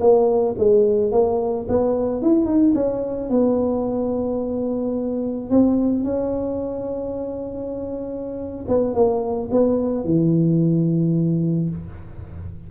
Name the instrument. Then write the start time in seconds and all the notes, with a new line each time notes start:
tuba
0.00 A#3
0.58 G#3
1.12 A#3
1.68 B3
2.22 E4
2.45 D#4
2.75 C#4
3.30 B3
5.50 C4
6.04 C#4
8.68 B3
8.94 A#3
9.51 B3
10.04 E3